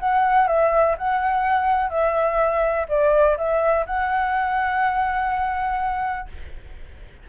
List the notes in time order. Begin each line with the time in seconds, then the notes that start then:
0.00 F#5
0.48 E5
0.98 F#5
1.90 E5
2.89 D5
3.38 E5
3.87 F#5